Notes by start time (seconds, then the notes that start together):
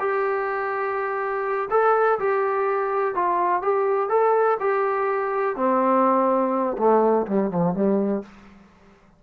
0.00 G4
1.71 A4
2.20 G4
3.15 F4
3.62 G4
4.10 A4
4.60 G4
5.56 C4
6.78 A3
7.27 G3
7.51 F3
7.75 G3